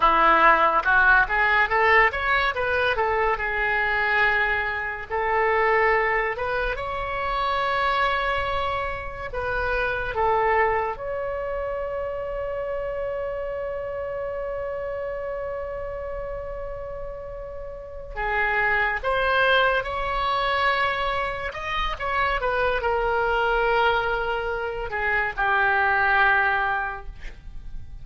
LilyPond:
\new Staff \with { instrumentName = "oboe" } { \time 4/4 \tempo 4 = 71 e'4 fis'8 gis'8 a'8 cis''8 b'8 a'8 | gis'2 a'4. b'8 | cis''2. b'4 | a'4 cis''2.~ |
cis''1~ | cis''4. gis'4 c''4 cis''8~ | cis''4. dis''8 cis''8 b'8 ais'4~ | ais'4. gis'8 g'2 | }